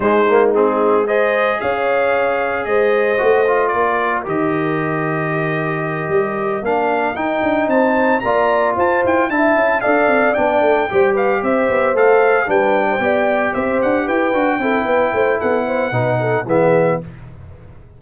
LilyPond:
<<
  \new Staff \with { instrumentName = "trumpet" } { \time 4/4 \tempo 4 = 113 c''4 gis'4 dis''4 f''4~ | f''4 dis''2 d''4 | dis''1~ | dis''8 f''4 g''4 a''4 ais''8~ |
ais''8 a''8 g''8 a''4 f''4 g''8~ | g''4 f''8 e''4 f''4 g''8~ | g''4. e''8 fis''8 g''4.~ | g''4 fis''2 e''4 | }
  \new Staff \with { instrumentName = "horn" } { \time 4/4 dis'2 c''4 cis''4~ | cis''4 c''2 ais'4~ | ais'1~ | ais'2~ ais'8 c''4 d''8~ |
d''8 c''4 e''4 d''4.~ | d''8 c''8 b'8 c''2 b'8~ | b'16 c''16 d''4 c''4 b'4 a'8 | b'8 c''8 a'8 c''8 b'8 a'8 gis'4 | }
  \new Staff \with { instrumentName = "trombone" } { \time 4/4 gis8 ais8 c'4 gis'2~ | gis'2 fis'8 f'4. | g'1~ | g'8 d'4 dis'2 f'8~ |
f'4. e'4 a'4 d'8~ | d'8 g'2 a'4 d'8~ | d'8 g'2~ g'8 fis'8 e'8~ | e'2 dis'4 b4 | }
  \new Staff \with { instrumentName = "tuba" } { \time 4/4 gis2. cis'4~ | cis'4 gis4 a4 ais4 | dis2.~ dis8 g8~ | g8 ais4 dis'8 d'8 c'4 ais8~ |
ais8 f'8 e'8 d'8 cis'8 d'8 c'8 b8 | a8 g4 c'8 b8 a4 g8~ | g8 b4 c'8 d'8 e'8 d'8 c'8 | b8 a8 b4 b,4 e4 | }
>>